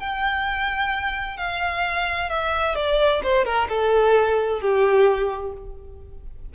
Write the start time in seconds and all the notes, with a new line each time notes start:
0.00 G5
1.38 F5
2.30 E5
2.76 D5
3.24 C5
3.45 A#4
3.69 A4
4.61 G4